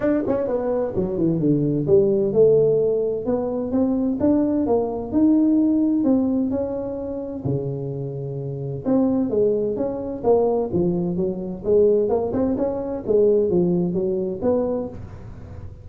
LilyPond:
\new Staff \with { instrumentName = "tuba" } { \time 4/4 \tempo 4 = 129 d'8 cis'8 b4 fis8 e8 d4 | g4 a2 b4 | c'4 d'4 ais4 dis'4~ | dis'4 c'4 cis'2 |
cis2. c'4 | gis4 cis'4 ais4 f4 | fis4 gis4 ais8 c'8 cis'4 | gis4 f4 fis4 b4 | }